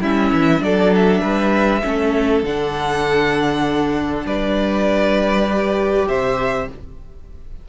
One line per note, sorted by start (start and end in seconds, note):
0.00 0.31 G3
0.00 0.59 C#4
0.00 0.61 E4
0.00 0.63 E5
0.33 0.61 E3
0.59 1.22 F#3
0.59 1.80 D4
0.59 1.21 A4
0.59 0.93 D5
0.95 2.45 E5
1.21 1.83 G3
1.21 1.81 B4
1.83 2.43 A3
1.83 2.43 C#4
1.83 4.26 A4
2.43 4.24 D3
2.43 5.46 D4
2.43 4.27 F#5
4.25 6.07 G3
4.25 6.08 B4
4.25 6.08 D5
5.46 6.67 G4
6.08 6.69 C3
6.08 6.69 C5
6.08 6.68 E5